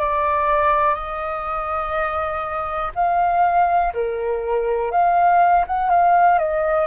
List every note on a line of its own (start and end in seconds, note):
0.00 0.95 D5
0.95 2.92 D#5
2.95 3.93 F5
3.94 4.91 A#4
4.91 5.65 F5
5.67 5.90 F#5
5.90 6.38 F5
6.38 6.87 D#5